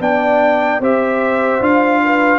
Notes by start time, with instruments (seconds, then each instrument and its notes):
0.00 tuba B3, trombone D4, horn D5, trumpet G5
0.80 tuba C4, trombone G4, horn C5, trumpet E5
1.60 tuba D4, trombone F4, trumpet F5
2.04 horn B4